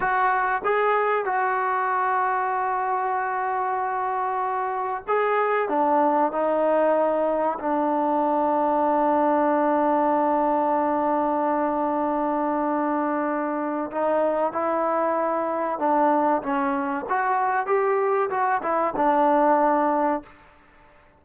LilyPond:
\new Staff \with { instrumentName = "trombone" } { \time 4/4 \tempo 4 = 95 fis'4 gis'4 fis'2~ | fis'1 | gis'4 d'4 dis'2 | d'1~ |
d'1~ | d'2 dis'4 e'4~ | e'4 d'4 cis'4 fis'4 | g'4 fis'8 e'8 d'2 | }